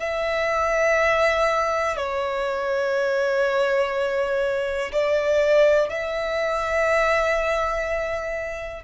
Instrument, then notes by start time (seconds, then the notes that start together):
violin
0.00 E5
1.97 C#5
4.92 D5
5.90 E5